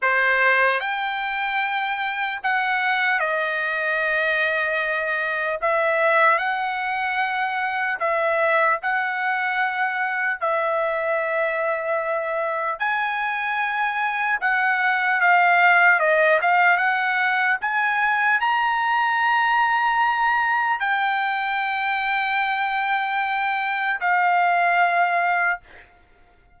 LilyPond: \new Staff \with { instrumentName = "trumpet" } { \time 4/4 \tempo 4 = 75 c''4 g''2 fis''4 | dis''2. e''4 | fis''2 e''4 fis''4~ | fis''4 e''2. |
gis''2 fis''4 f''4 | dis''8 f''8 fis''4 gis''4 ais''4~ | ais''2 g''2~ | g''2 f''2 | }